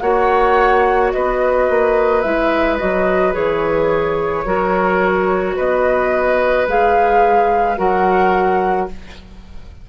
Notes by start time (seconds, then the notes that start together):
0.00 A#3 F#4 C#5 F#5
1.11 B3 B4 D#5
1.69 A#3
2.22 G#3 E4 E5
2.78 F#3 F#4 D#5
3.33 E3 G#4 C#5
4.46 F#3 F#4 A#4
5.56 B3 B4 D#5
6.67 G#3 G#4 F5
7.77 F#3 F#4 A#4 F#5